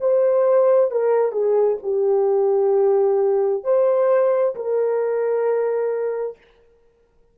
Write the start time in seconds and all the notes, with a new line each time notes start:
0.00 C5
0.91 A#4
1.32 G#4
1.83 G4
3.64 C5
4.55 A#4